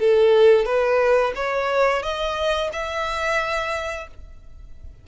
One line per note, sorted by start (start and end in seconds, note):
0.00 0.66 A4
0.66 1.33 B4
1.36 2.03 C#5
2.03 2.71 D#5
2.73 4.08 E5